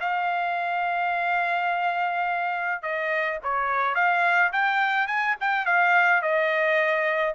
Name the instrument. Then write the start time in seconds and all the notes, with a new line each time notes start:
trumpet
0.00 F5
2.82 D#5
3.43 C#5
3.95 F5
4.52 G5
5.07 G#5
5.40 G5
5.65 F5
6.22 D#5